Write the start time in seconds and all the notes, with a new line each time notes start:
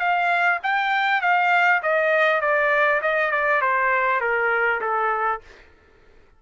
0.00 F5
0.64 G5
1.22 F5
1.83 D#5
2.42 D5
3.02 D#5
3.32 D5
3.62 C5
4.21 A#4
4.82 A4